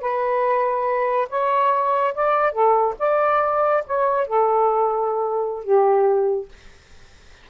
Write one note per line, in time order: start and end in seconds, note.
0.00 1.28 B4
1.29 2.14 C#5
2.14 2.52 D5
2.52 2.94 A4
2.98 3.84 D5
3.86 4.26 C#5
4.26 5.63 A4
5.63 6.48 G4